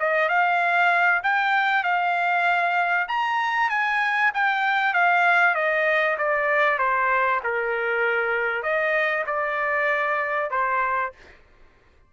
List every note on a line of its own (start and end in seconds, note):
0.00 0.29 D#5
0.29 1.22 F5
1.24 1.84 G5
1.84 3.08 F5
3.08 3.70 A#5
3.70 4.32 G#5
4.34 4.94 G5
4.94 5.55 F5
5.55 6.17 D#5
6.18 6.79 D5
6.79 7.41 C5
7.44 8.63 A#4
8.63 9.25 D#5
9.27 10.51 D5
10.51 11.13 C5